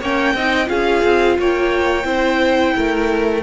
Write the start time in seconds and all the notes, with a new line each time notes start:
0.00 A#3 C#4 C#5 G5
0.34 C4 D#4 D#5
0.66 C#4 F4 G#4 F5
1.04 C4
1.39 A#3 C#5 G5
2.05 C4 E4 C5
2.75 A3 A#4